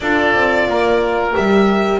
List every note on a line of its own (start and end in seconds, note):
0.00 0.34 D4
0.00 1.33 F4
0.00 0.68 A4
0.00 1.32 D5
0.34 0.67 C4
0.67 1.34 A#3
0.67 1.99 A#4
1.33 1.99 G3
1.33 1.99 G4
1.33 1.99 E5